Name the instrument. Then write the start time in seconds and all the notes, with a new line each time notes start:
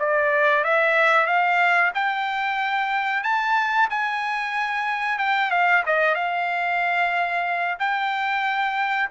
trumpet
0.00 D5
0.64 E5
1.27 F5
1.95 G5
3.24 A5
3.90 G#5
5.19 G5
5.51 F5
5.86 D#5
6.15 F5
7.80 G5